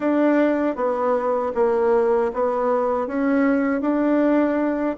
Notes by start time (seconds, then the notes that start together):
0.00 D4
0.75 B3
1.54 A#3
2.33 B3
3.07 C#4
3.81 D4